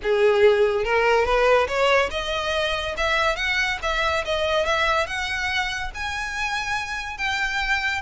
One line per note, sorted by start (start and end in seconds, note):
0.02 0.84 G#4
0.84 1.25 A#4
1.25 1.67 B4
1.67 2.09 C#5
2.10 2.95 D#5
2.97 3.36 E5
3.36 3.78 F#5
3.82 4.24 E5
4.25 4.65 D#5
4.65 5.06 E5
5.06 5.91 F#5
5.94 7.17 G#5
7.17 8.01 G5